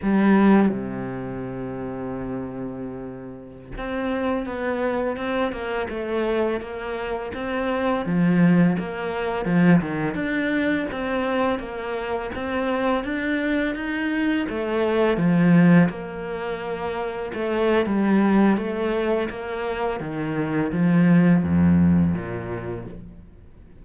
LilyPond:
\new Staff \with { instrumentName = "cello" } { \time 4/4 \tempo 4 = 84 g4 c2.~ | c4~ c16 c'4 b4 c'8 ais16~ | ais16 a4 ais4 c'4 f8.~ | f16 ais4 f8 dis8 d'4 c'8.~ |
c'16 ais4 c'4 d'4 dis'8.~ | dis'16 a4 f4 ais4.~ ais16~ | ais16 a8. g4 a4 ais4 | dis4 f4 f,4 ais,4 | }